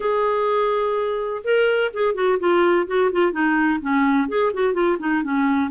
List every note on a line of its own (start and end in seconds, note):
0.00 1.42 G#4
1.44 1.91 A#4
1.93 2.14 G#4
2.14 2.38 F#4
2.39 2.86 F4
2.87 3.10 F#4
3.12 3.32 F4
3.32 3.79 D#4
3.81 4.28 C#4
4.28 4.52 G#4
4.53 4.73 F#4
4.73 4.97 F4
4.99 5.23 D#4
5.23 5.71 C#4